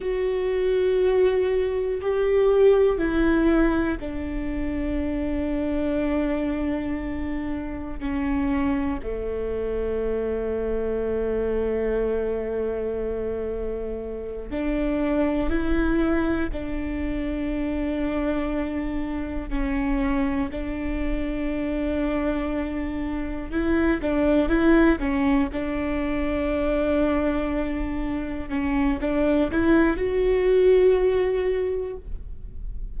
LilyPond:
\new Staff \with { instrumentName = "viola" } { \time 4/4 \tempo 4 = 60 fis'2 g'4 e'4 | d'1 | cis'4 a2.~ | a2~ a8 d'4 e'8~ |
e'8 d'2. cis'8~ | cis'8 d'2. e'8 | d'8 e'8 cis'8 d'2~ d'8~ | d'8 cis'8 d'8 e'8 fis'2 | }